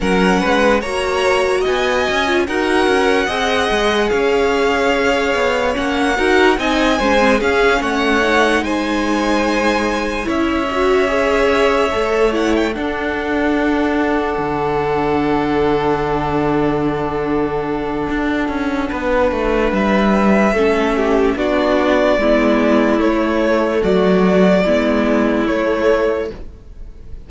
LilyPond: <<
  \new Staff \with { instrumentName = "violin" } { \time 4/4 \tempo 4 = 73 fis''4 ais''4 gis''4 fis''4~ | fis''4 f''2 fis''4 | gis''4 f''8 fis''4 gis''4.~ | gis''8 e''2~ e''8 fis''16 g''16 fis''8~ |
fis''1~ | fis''1 | e''2 d''2 | cis''4 d''2 cis''4 | }
  \new Staff \with { instrumentName = "violin" } { \time 4/4 ais'8 b'8 cis''4 dis''4 ais'4 | dis''4 cis''2~ cis''8 ais'8 | dis''8 c''8 gis'8 cis''4 c''4.~ | c''8 cis''2. a'8~ |
a'1~ | a'2. b'4~ | b'4 a'8 g'8 fis'4 e'4~ | e'4 fis'4 e'2 | }
  \new Staff \with { instrumentName = "viola" } { \time 4/4 cis'4 fis'4.~ fis'16 f'16 fis'4 | gis'2. cis'8 fis'8 | dis'8 cis'16 c'16 cis'4 dis'2~ | dis'8 e'8 fis'8 gis'4 a'8 e'8 d'8~ |
d'1~ | d'1~ | d'4 cis'4 d'4 b4 | a2 b4 a4 | }
  \new Staff \with { instrumentName = "cello" } { \time 4/4 fis8 gis8 ais4 b8 cis'8 dis'8 cis'8 | c'8 gis8 cis'4. b8 ais8 dis'8 | c'8 gis8 cis'8 a4 gis4.~ | gis8 cis'2 a4 d'8~ |
d'4. d2~ d8~ | d2 d'8 cis'8 b8 a8 | g4 a4 b4 gis4 | a4 fis4 gis4 a4 | }
>>